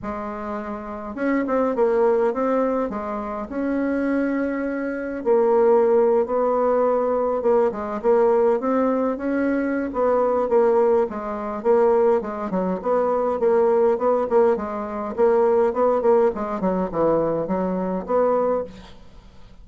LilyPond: \new Staff \with { instrumentName = "bassoon" } { \time 4/4 \tempo 4 = 103 gis2 cis'8 c'8 ais4 | c'4 gis4 cis'2~ | cis'4 ais4.~ ais16 b4~ b16~ | b8. ais8 gis8 ais4 c'4 cis'16~ |
cis'4 b4 ais4 gis4 | ais4 gis8 fis8 b4 ais4 | b8 ais8 gis4 ais4 b8 ais8 | gis8 fis8 e4 fis4 b4 | }